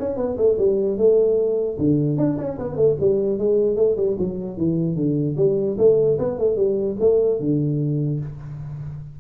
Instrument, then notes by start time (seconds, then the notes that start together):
tuba
0.00 C#4
0.17 B3
0.38 A3
0.59 G3
0.98 A3
1.79 D3
2.18 D4
2.38 C#4
2.59 B3
2.77 A3
3.01 G3
3.39 G#3
3.77 A3
3.97 G3
4.19 F#3
4.57 E3
4.96 D3
5.37 G3
5.78 A3
6.19 B3
6.39 A3
6.57 G3
7.00 A3
7.40 D3